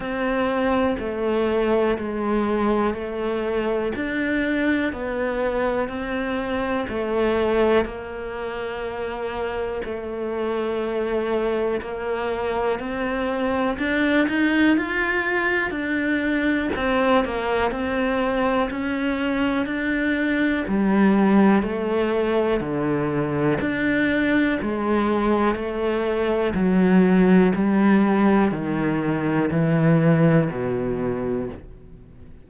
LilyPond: \new Staff \with { instrumentName = "cello" } { \time 4/4 \tempo 4 = 61 c'4 a4 gis4 a4 | d'4 b4 c'4 a4 | ais2 a2 | ais4 c'4 d'8 dis'8 f'4 |
d'4 c'8 ais8 c'4 cis'4 | d'4 g4 a4 d4 | d'4 gis4 a4 fis4 | g4 dis4 e4 b,4 | }